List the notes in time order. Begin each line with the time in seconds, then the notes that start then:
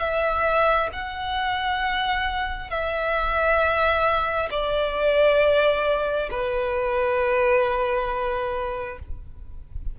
0.00 E5
0.92 F#5
2.70 E5
4.51 D5
6.31 B4